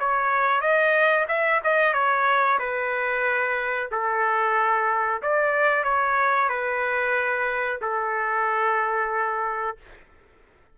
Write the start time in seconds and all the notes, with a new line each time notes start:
0.00 C#5
0.61 D#5
1.28 E5
1.64 D#5
1.94 C#5
2.59 B4
3.91 A4
5.22 D5
5.84 C#5
6.49 B4
7.81 A4